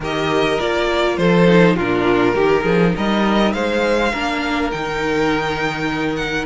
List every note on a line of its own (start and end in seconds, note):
0.00 0.58 D#3
0.00 0.58 G4
0.00 1.18 A#4
0.00 0.59 D#5
0.58 1.17 A#3
0.58 1.46 F4
0.58 1.17 D5
1.17 1.76 F3
1.17 1.75 A4
1.17 1.76 C5
1.46 1.76 D#4
1.75 2.35 A#2
1.75 2.35 D4
1.75 2.34 F4
1.75 2.96 A#4
2.35 2.64 D#3
2.35 4.11 D#4
2.35 2.63 G4
2.63 2.94 F3
2.63 2.92 G#4
2.95 3.53 G3
2.95 3.54 A#4
2.95 3.52 D#5
3.52 4.12 G#3
3.52 4.12 C5
3.52 4.70 F5
4.12 4.72 A#3
4.12 4.72 D4
4.12 6.45 A#4
4.71 6.45 D#3
4.71 6.45 D#4
4.71 6.16 G5
6.16 6.45 F#5